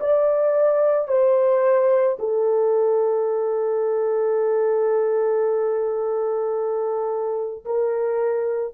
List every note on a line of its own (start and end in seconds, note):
0.00 1.08 D5
1.08 2.17 C5
2.19 7.65 A4
7.65 8.74 A#4